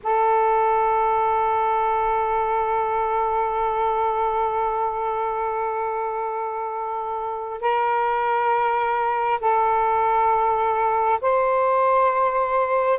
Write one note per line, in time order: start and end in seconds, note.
0.03 7.60 A4
7.60 9.39 A#4
9.40 11.19 A4
11.21 12.99 C5